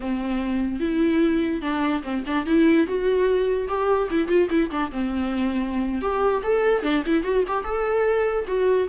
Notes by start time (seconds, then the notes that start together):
0.00 C4
0.80 E4
1.61 D4
2.03 C4
2.26 D4
2.45 E4
2.86 F#4
3.67 G4
4.10 E4
4.28 F4
4.50 E4
4.70 D4
4.91 C4
6.01 G4
6.43 A4
6.83 D4
7.06 E4
7.23 F#4
7.47 G4
7.64 A4
8.47 F#4